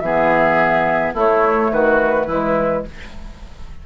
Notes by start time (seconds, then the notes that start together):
0.00 E3 B3 G#4 E5
1.14 A3 E4 C#5
1.71 D#3 F#4 B4
2.26 E3 G#3 E4